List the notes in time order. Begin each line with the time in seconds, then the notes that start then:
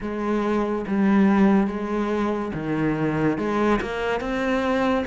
0.00 G#3
0.87 G3
1.67 G#3
2.54 D#3
3.38 G#3
3.81 A#3
4.20 C4